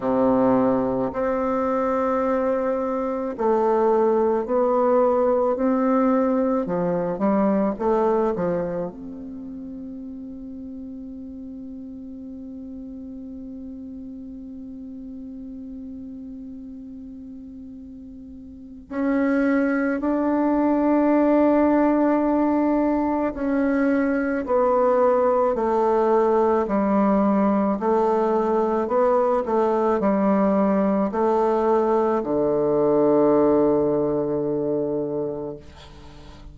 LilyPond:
\new Staff \with { instrumentName = "bassoon" } { \time 4/4 \tempo 4 = 54 c4 c'2 a4 | b4 c'4 f8 g8 a8 f8 | c'1~ | c'1~ |
c'4 cis'4 d'2~ | d'4 cis'4 b4 a4 | g4 a4 b8 a8 g4 | a4 d2. | }